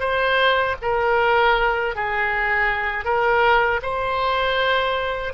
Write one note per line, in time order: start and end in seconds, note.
0.00 0.76 C5
0.82 1.95 A#4
1.95 3.05 G#4
3.05 3.81 A#4
3.83 5.34 C5